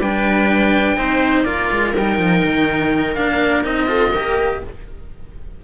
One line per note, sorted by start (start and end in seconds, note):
0.00 0.96 G3
0.00 0.97 D4
0.00 0.97 B4
0.00 1.44 G5
0.96 1.45 C4
0.96 1.45 D#4
0.96 1.45 C5
1.44 1.70 A#3
1.44 1.94 F4
1.44 3.86 A#4
1.44 1.92 D5
1.71 1.95 G#3
1.95 2.18 G3
1.95 3.16 D#4
1.95 3.15 G5
2.18 2.42 F3
2.44 3.16 D#3
3.15 3.65 A#3
3.15 3.63 D4
3.15 3.63 F5
3.63 4.13 C4
3.63 3.87 D#4
3.63 4.62 D#5
3.87 4.11 F4
3.87 4.12 A4
4.12 4.61 A#3
4.12 4.64 G4
4.12 4.60 A#4